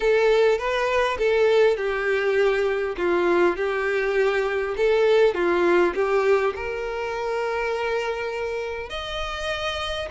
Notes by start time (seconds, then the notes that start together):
0.00 A4
0.58 B4
1.18 A4
1.76 G4
2.97 F4
3.56 G4
4.77 A4
5.34 F4
5.94 G4
6.55 A#4
8.89 D#5